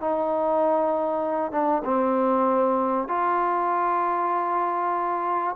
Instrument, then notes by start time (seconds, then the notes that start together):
trombone
0.00 D#4
1.51 D4
1.84 C4
3.08 F4